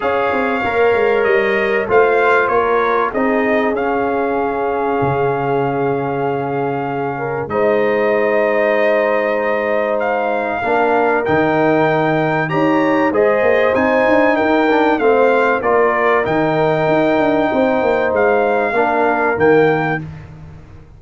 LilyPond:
<<
  \new Staff \with { instrumentName = "trumpet" } { \time 4/4 \tempo 4 = 96 f''2 dis''4 f''4 | cis''4 dis''4 f''2~ | f''1 | dis''1 |
f''2 g''2 | ais''4 dis''4 gis''4 g''4 | f''4 d''4 g''2~ | g''4 f''2 g''4 | }
  \new Staff \with { instrumentName = "horn" } { \time 4/4 cis''2. c''4 | ais'4 gis'2.~ | gis'2.~ gis'8 ais'8 | c''1~ |
c''4 ais'2. | cis''4 c''2 ais'4 | c''4 ais'2. | c''2 ais'2 | }
  \new Staff \with { instrumentName = "trombone" } { \time 4/4 gis'4 ais'2 f'4~ | f'4 dis'4 cis'2~ | cis'1 | dis'1~ |
dis'4 d'4 dis'2 | g'4 gis'4 dis'4. d'8 | c'4 f'4 dis'2~ | dis'2 d'4 ais4 | }
  \new Staff \with { instrumentName = "tuba" } { \time 4/4 cis'8 c'8 ais8 gis8 g4 a4 | ais4 c'4 cis'2 | cis1 | gis1~ |
gis4 ais4 dis2 | dis'4 gis8 ais8 c'8 d'8 dis'4 | a4 ais4 dis4 dis'8 d'8 | c'8 ais8 gis4 ais4 dis4 | }
>>